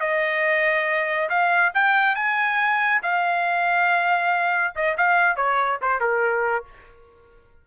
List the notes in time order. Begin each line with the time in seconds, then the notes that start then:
0.00 D#5
1.29 F5
1.74 G5
2.15 G#5
3.02 F5
4.75 D#5
4.97 F5
5.36 C#5
5.81 C5
6.00 A#4